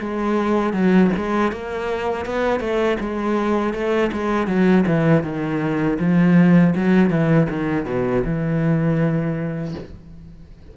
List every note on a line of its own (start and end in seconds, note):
0.00 0.73 G#3
0.73 1.10 F#3
1.17 1.52 G#3
1.52 2.25 A#3
2.25 2.60 B3
2.60 2.97 A3
3.00 3.73 G#3
3.73 4.11 A3
4.12 4.47 G#3
4.47 4.84 F#3
4.87 5.23 E3
5.23 5.98 D#3
5.99 6.74 F3
6.76 7.10 F#3
7.10 7.48 E3
7.50 7.85 D#3
7.85 8.23 B2
8.24 9.74 E3